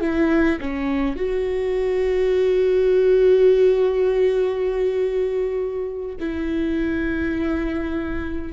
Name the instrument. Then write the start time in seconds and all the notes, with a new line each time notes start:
viola
0.00 E4
0.60 C#4
1.16 F#4
6.19 E4